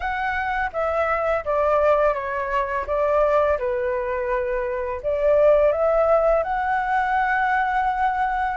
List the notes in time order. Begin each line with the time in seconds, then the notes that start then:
0.00 F#5
0.72 E5
1.44 D5
2.14 C#5
2.86 D5
3.58 B4
5.02 D5
5.71 E5
6.43 F#5